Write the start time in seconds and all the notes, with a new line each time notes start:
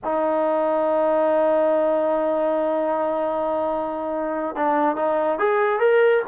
0.03 D#4
4.55 D4
4.96 D#4
5.38 G#4
5.79 A#4